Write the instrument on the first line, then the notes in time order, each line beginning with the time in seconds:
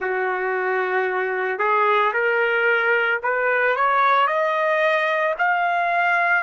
trumpet
0.00 F#4
1.58 G#4
2.13 A#4
3.22 B4
3.75 C#5
4.27 D#5
5.38 F5